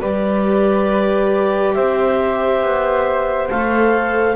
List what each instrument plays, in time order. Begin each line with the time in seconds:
0.00 double bass G3, viola G4, flute B4, clarinet D5
1.74 double bass C4, flute C5, clarinet E5
2.62 double bass B3
3.49 double bass A3, viola A4, clarinet F5